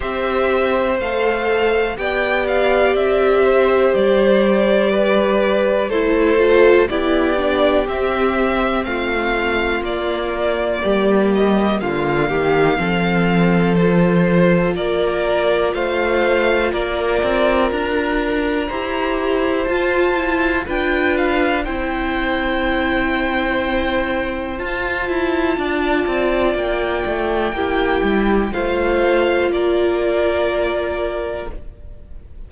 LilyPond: <<
  \new Staff \with { instrumentName = "violin" } { \time 4/4 \tempo 4 = 61 e''4 f''4 g''8 f''8 e''4 | d''2 c''4 d''4 | e''4 f''4 d''4. dis''8 | f''2 c''4 d''4 |
f''4 d''4 ais''2 | a''4 g''8 f''8 g''2~ | g''4 a''2 g''4~ | g''4 f''4 d''2 | }
  \new Staff \with { instrumentName = "violin" } { \time 4/4 c''2 d''4. c''8~ | c''4 b'4 a'4 g'4~ | g'4 f'2 g'4 | f'8 g'8 a'2 ais'4 |
c''4 ais'2 c''4~ | c''4 b'4 c''2~ | c''2 d''2 | g'4 c''4 ais'2 | }
  \new Staff \with { instrumentName = "viola" } { \time 4/4 g'4 a'4 g'2~ | g'2 e'8 f'8 e'8 d'8 | c'2 ais2~ | ais4 c'4 f'2~ |
f'2. g'4 | f'8 e'8 f'4 e'2~ | e'4 f'2. | e'4 f'2. | }
  \new Staff \with { instrumentName = "cello" } { \time 4/4 c'4 a4 b4 c'4 | g2 a4 b4 | c'4 a4 ais4 g4 | d8 dis8 f2 ais4 |
a4 ais8 c'8 d'4 e'4 | f'4 d'4 c'2~ | c'4 f'8 e'8 d'8 c'8 ais8 a8 | ais8 g8 a4 ais2 | }
>>